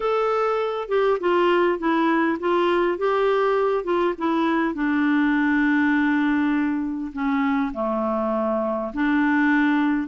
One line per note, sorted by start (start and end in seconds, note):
0.00 0.88 A4
0.88 1.18 G4
1.20 1.78 F4
1.78 2.38 E4
2.39 2.98 F4
2.98 3.84 G4
3.84 4.13 F4
4.17 4.74 E4
4.74 7.12 D4
7.12 7.72 C#4
7.73 8.92 A3
8.93 10.07 D4